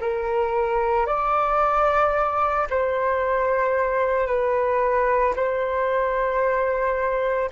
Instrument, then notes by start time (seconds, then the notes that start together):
flute
0.00 A#4
1.06 D5
2.69 C5
4.26 B4
5.36 C5